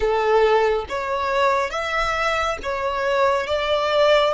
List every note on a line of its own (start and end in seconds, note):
0.00 0.85 A4
0.89 1.70 C#5
1.70 2.57 E5
2.62 3.47 C#5
3.47 4.33 D5